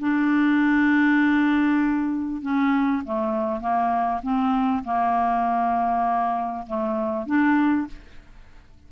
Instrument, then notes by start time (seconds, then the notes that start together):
clarinet
0.00 D4
2.42 C#4
3.05 A3
3.61 A#3
4.23 C4
4.85 A#3
6.67 A3
7.27 D4